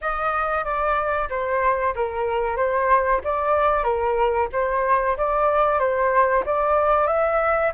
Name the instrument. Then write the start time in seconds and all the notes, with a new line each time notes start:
flute
0.01 D#5
0.64 D5
1.29 C5
1.95 A#4
2.56 C5
3.24 D5
3.83 A#4
4.52 C5
5.17 D5
5.79 C5
6.45 D5
7.07 E5